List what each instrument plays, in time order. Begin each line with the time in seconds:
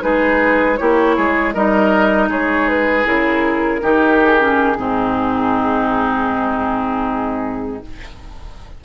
0.00 bassoon G#3, clarinet D#4, oboe G#4, flute B4
0.77 bassoon A#3, clarinet E4, oboe G4, flute C#5
1.16 bassoon G#3, oboe G#4
1.53 bassoon G3, clarinet D#4, oboe A#4, flute D#5
2.29 bassoon G#3, oboe G#4, flute C#5
2.68 flute B4
3.04 bassoon C#3, clarinet E4, flute A#4
3.81 bassoon D#3, clarinet D#4, oboe G4
4.24 flute G#4
4.38 clarinet C#4
4.78 bassoon G#2, clarinet C4, oboe D#4